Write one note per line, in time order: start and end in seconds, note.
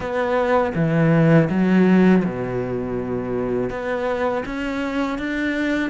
0.00 0.73 B3
0.74 1.48 E3
1.49 2.23 F#3
2.24 3.70 B2
3.70 4.44 B3
4.45 5.18 C#4
5.18 5.90 D4